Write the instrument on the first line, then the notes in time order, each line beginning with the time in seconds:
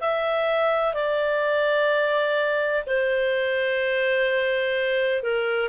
clarinet
0.00 E5
0.94 D5
2.86 C5
5.23 A#4